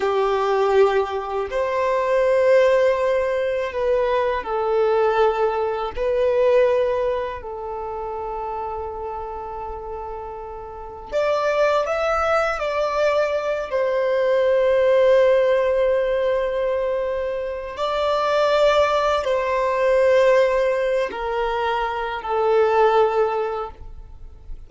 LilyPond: \new Staff \with { instrumentName = "violin" } { \time 4/4 \tempo 4 = 81 g'2 c''2~ | c''4 b'4 a'2 | b'2 a'2~ | a'2. d''4 |
e''4 d''4. c''4.~ | c''1 | d''2 c''2~ | c''8 ais'4. a'2 | }